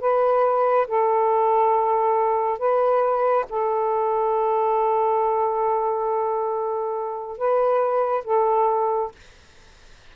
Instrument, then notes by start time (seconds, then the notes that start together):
saxophone
0.00 B4
0.87 A4
2.58 B4
3.49 A4
7.38 B4
8.25 A4